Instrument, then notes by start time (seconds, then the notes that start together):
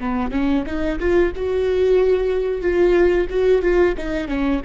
viola
0.00 B3
0.31 C#4
0.66 D#4
1.00 F4
1.36 F#4
2.61 F4
3.30 F#4
3.62 F4
3.97 D#4
4.28 C#4